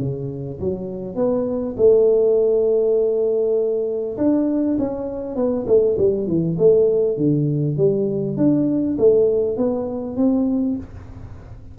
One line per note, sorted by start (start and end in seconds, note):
0.00 0.60 C#3
0.60 1.16 F#3
1.16 1.76 B3
1.78 4.18 A3
4.18 4.78 D4
4.79 5.36 C#4
5.36 5.66 B3
5.68 5.98 A3
5.99 6.28 G3
6.28 6.58 E3
6.59 7.18 A3
7.18 7.77 D3
7.77 8.37 G3
8.38 8.98 D4
8.98 9.58 A3
9.58 10.17 B3
10.17 10.77 C4